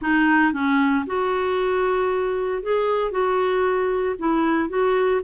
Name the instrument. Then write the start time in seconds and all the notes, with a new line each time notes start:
clarinet
0.01 D#4
0.52 C#4
1.06 F#4
2.62 G#4
3.11 F#4
4.18 E4
4.69 F#4